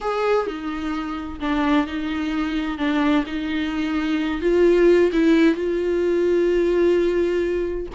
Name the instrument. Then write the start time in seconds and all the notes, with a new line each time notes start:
viola
0.01 G#4
0.46 D#4
1.40 D4
1.86 D#4
2.78 D4
3.26 D#4
4.41 F4
5.12 E4
5.54 F4